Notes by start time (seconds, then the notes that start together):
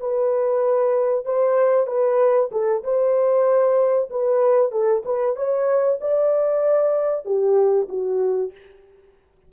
0.00 B4
1.25 C5
1.87 B4
2.52 A4
2.83 C5
4.10 B4
4.71 A4
5.05 B4
5.36 C#5
6.01 D5
7.25 G4
7.89 F#4